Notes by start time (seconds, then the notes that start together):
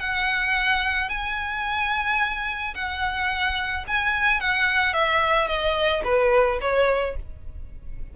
0.00 F#5
1.09 G#5
2.75 F#5
3.88 G#5
4.40 F#5
4.94 E5
5.47 D#5
6.04 B4
6.61 C#5